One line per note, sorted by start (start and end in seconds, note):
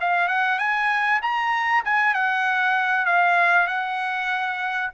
0.00 0.28 F5
0.28 0.58 F#5
0.58 1.20 G#5
1.21 1.83 A#5
1.84 2.14 G#5
2.14 3.05 F#5
3.05 3.67 F5
3.67 4.90 F#5